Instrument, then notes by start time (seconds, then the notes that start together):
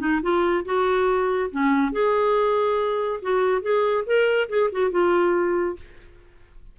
clarinet
0.00 D#4
0.23 F4
0.65 F#4
1.52 C#4
1.93 G#4
3.22 F#4
3.62 G#4
4.07 A#4
4.50 G#4
4.72 F#4
4.92 F4